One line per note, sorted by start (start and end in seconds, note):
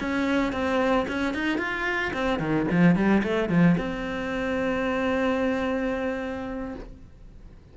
0.00 0.52 C#4
0.52 1.06 C4
1.08 1.34 C#4
1.34 1.58 D#4
1.58 2.12 F4
2.13 2.39 C4
2.39 2.66 D#3
2.71 2.95 F3
2.95 3.22 G3
3.23 3.49 A3
3.49 3.76 F3
3.77 6.75 C4